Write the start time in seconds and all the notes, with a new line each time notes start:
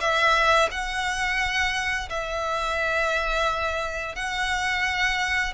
0.00 E5
0.71 F#5
2.10 E5
4.16 F#5